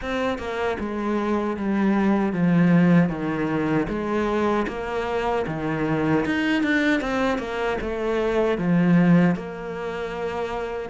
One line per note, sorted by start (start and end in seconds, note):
0.01 0.38 C4
0.38 0.77 A#3
0.79 1.57 G#3
1.57 2.32 G3
2.32 3.09 F3
3.09 3.87 D#3
3.88 4.66 G#3
4.67 5.45 A#3
5.47 6.25 D#3
6.25 6.62 D#4
6.62 7.00 D4
7.00 7.38 C4
7.38 7.77 A#3
7.81 8.58 A3
8.58 9.35 F3
9.35 10.89 A#3